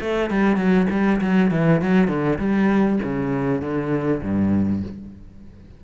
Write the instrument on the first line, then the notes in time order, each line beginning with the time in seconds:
cello
0.00 A3
0.30 G3
0.56 F#3
0.90 G3
1.21 F#3
1.50 E3
1.81 F#3
2.07 D3
2.38 G3
3.02 C#3
3.61 D3
4.22 G2